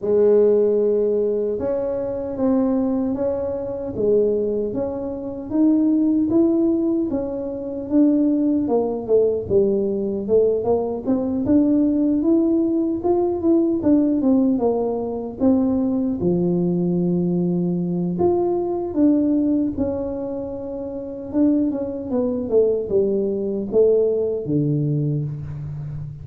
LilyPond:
\new Staff \with { instrumentName = "tuba" } { \time 4/4 \tempo 4 = 76 gis2 cis'4 c'4 | cis'4 gis4 cis'4 dis'4 | e'4 cis'4 d'4 ais8 a8 | g4 a8 ais8 c'8 d'4 e'8~ |
e'8 f'8 e'8 d'8 c'8 ais4 c'8~ | c'8 f2~ f8 f'4 | d'4 cis'2 d'8 cis'8 | b8 a8 g4 a4 d4 | }